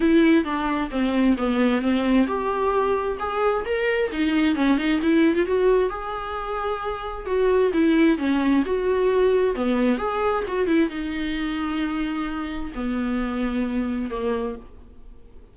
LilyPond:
\new Staff \with { instrumentName = "viola" } { \time 4/4 \tempo 4 = 132 e'4 d'4 c'4 b4 | c'4 g'2 gis'4 | ais'4 dis'4 cis'8 dis'8 e'8. f'16 | fis'4 gis'2. |
fis'4 e'4 cis'4 fis'4~ | fis'4 b4 gis'4 fis'8 e'8 | dis'1 | b2. ais4 | }